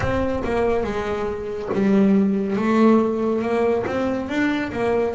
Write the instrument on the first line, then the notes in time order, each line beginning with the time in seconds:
double bass
0.00 C4
0.44 A#3
0.83 G#3
1.73 G3
2.56 A3
3.42 A#3
3.86 C4
4.29 D4
4.72 A#3